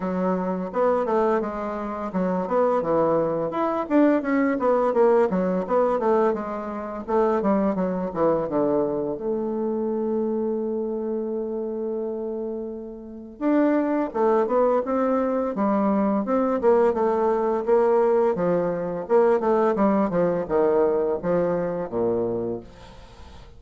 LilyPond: \new Staff \with { instrumentName = "bassoon" } { \time 4/4 \tempo 4 = 85 fis4 b8 a8 gis4 fis8 b8 | e4 e'8 d'8 cis'8 b8 ais8 fis8 | b8 a8 gis4 a8 g8 fis8 e8 | d4 a2.~ |
a2. d'4 | a8 b8 c'4 g4 c'8 ais8 | a4 ais4 f4 ais8 a8 | g8 f8 dis4 f4 ais,4 | }